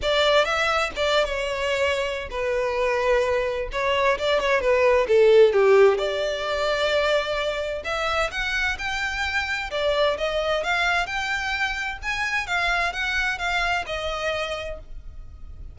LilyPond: \new Staff \with { instrumentName = "violin" } { \time 4/4 \tempo 4 = 130 d''4 e''4 d''8. cis''4~ cis''16~ | cis''4 b'2. | cis''4 d''8 cis''8 b'4 a'4 | g'4 d''2.~ |
d''4 e''4 fis''4 g''4~ | g''4 d''4 dis''4 f''4 | g''2 gis''4 f''4 | fis''4 f''4 dis''2 | }